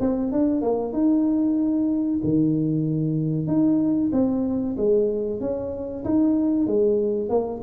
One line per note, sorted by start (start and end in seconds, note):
0.00 0.32 C4
0.32 0.62 D4
0.62 0.93 A#3
0.93 2.20 D#4
2.23 3.47 D#3
3.47 4.11 D#4
4.12 4.76 C4
4.77 5.40 G#3
5.40 6.04 C#4
6.04 6.67 D#4
6.67 7.29 G#3
7.29 7.61 A#3